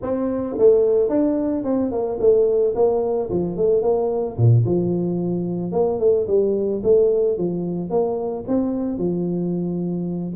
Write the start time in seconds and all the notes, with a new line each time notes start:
0.02 C4
0.58 A3
1.09 D4
1.64 C4
1.91 A#3
2.19 A3
2.75 A#3
3.30 F3
3.56 A3
3.82 A#3
4.37 A#2
4.65 F3
5.71 A#3
5.99 A3
6.27 G3
6.83 A3
7.37 F3
7.89 A#3
8.47 C4
8.98 F3